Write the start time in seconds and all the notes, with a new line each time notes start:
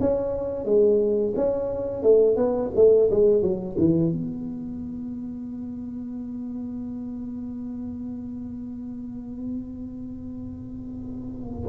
0.00 C#4
0.65 G#3
1.36 C#4
2.03 A3
2.36 B3
2.75 A3
3.10 G#3
3.42 F#3
3.78 E3
4.12 B3